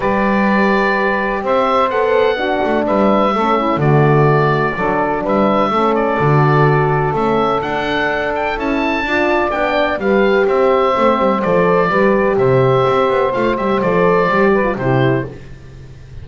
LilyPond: <<
  \new Staff \with { instrumentName = "oboe" } { \time 4/4 \tempo 4 = 126 d''2. e''4 | fis''2 e''2 | d''2. e''4~ | e''8 d''2~ d''8 e''4 |
fis''4. g''8 a''2 | g''4 f''4 e''2 | d''2 e''2 | f''8 e''8 d''2 c''4 | }
  \new Staff \with { instrumentName = "saxophone" } { \time 4/4 b'2. c''4~ | c''4 fis'4 b'4 a'8 e'8 | fis'2 a'4 b'4 | a'1~ |
a'2. d''4~ | d''4 b'4 c''2~ | c''4 b'4 c''2~ | c''2~ c''8 b'8 g'4 | }
  \new Staff \with { instrumentName = "horn" } { \time 4/4 g'1 | a'4 d'2 cis'4 | a2 d'2 | cis'4 fis'2 cis'4 |
d'2 e'4 f'4 | d'4 g'2 c'4 | a'4 g'2. | f'8 g'8 a'4 g'8. f'16 e'4 | }
  \new Staff \with { instrumentName = "double bass" } { \time 4/4 g2. c'4 | b4. a8 g4 a4 | d2 fis4 g4 | a4 d2 a4 |
d'2 cis'4 d'4 | b4 g4 c'4 a8 g8 | f4 g4 c4 c'8 b8 | a8 g8 f4 g4 c4 | }
>>